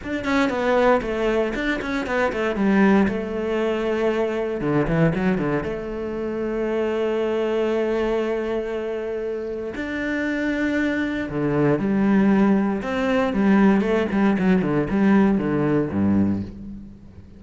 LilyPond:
\new Staff \with { instrumentName = "cello" } { \time 4/4 \tempo 4 = 117 d'8 cis'8 b4 a4 d'8 cis'8 | b8 a8 g4 a2~ | a4 d8 e8 fis8 d8 a4~ | a1~ |
a2. d'4~ | d'2 d4 g4~ | g4 c'4 g4 a8 g8 | fis8 d8 g4 d4 g,4 | }